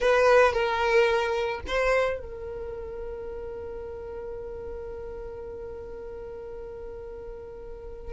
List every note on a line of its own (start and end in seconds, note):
0.00 0.52 B4
0.52 1.60 A#4
1.67 2.19 C5
2.19 8.13 A#4